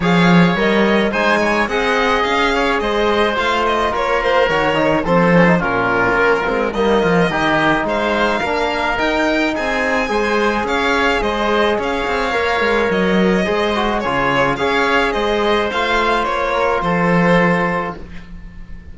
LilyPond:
<<
  \new Staff \with { instrumentName = "violin" } { \time 4/4 \tempo 4 = 107 f''4 dis''4 gis''4 fis''4 | f''4 dis''4 f''8 dis''8 cis''8 c''8 | cis''4 c''4 ais'2 | dis''2 f''2 |
g''4 gis''2 f''4 | dis''4 f''2 dis''4~ | dis''4 cis''4 f''4 dis''4 | f''4 cis''4 c''2 | }
  \new Staff \with { instrumentName = "oboe" } { \time 4/4 cis''2 c''8 cis''8 dis''4~ | dis''8 cis''8 c''2 ais'4~ | ais'4 a'4 f'2 | dis'8 f'8 g'4 c''4 ais'4~ |
ais'4 gis'4 c''4 cis''4 | c''4 cis''2. | c''4 gis'4 cis''4 c''4~ | c''4. ais'8 a'2 | }
  \new Staff \with { instrumentName = "trombone" } { \time 4/4 gis'4 ais'4 dis'4 gis'4~ | gis'2 f'2 | fis'8 dis'8 c'8 cis'16 dis'16 cis'4. c'8 | ais4 dis'2 d'4 |
dis'2 gis'2~ | gis'2 ais'2 | gis'8 fis'8 f'4 gis'2 | f'1 | }
  \new Staff \with { instrumentName = "cello" } { \time 4/4 f4 g4 gis4 c'4 | cis'4 gis4 a4 ais4 | dis4 f4 ais,4 ais8 gis8 | g8 f8 dis4 gis4 ais4 |
dis'4 c'4 gis4 cis'4 | gis4 cis'8 c'8 ais8 gis8 fis4 | gis4 cis4 cis'4 gis4 | a4 ais4 f2 | }
>>